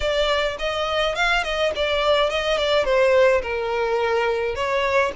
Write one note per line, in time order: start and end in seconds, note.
0.00 0.57 D5
0.58 1.15 D#5
1.15 1.43 F5
1.43 1.72 D#5
1.75 2.30 D5
2.30 2.57 D#5
2.57 2.84 D5
2.84 3.41 C5
3.42 4.55 A#4
4.55 5.12 C#5